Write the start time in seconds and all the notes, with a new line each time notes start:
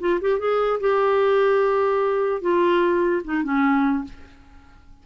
0.00 F4
0.21 G4
0.39 G#4
0.81 G4
2.42 F4
3.25 D#4
3.43 C#4